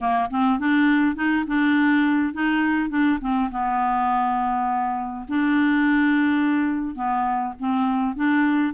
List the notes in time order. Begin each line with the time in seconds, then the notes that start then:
0.00 A#3
0.30 C4
0.59 D4
1.15 D#4
1.47 D4
2.33 D#4
2.89 D4
3.20 C4
3.51 B3
5.28 D4
6.95 B3
7.59 C4
8.15 D4